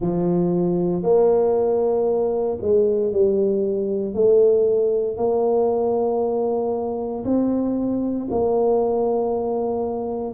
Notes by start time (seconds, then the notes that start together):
0.00 F3
1.03 A#3
2.61 G#3
3.12 G3
4.14 A3
5.17 A#3
7.24 C4
8.30 A#3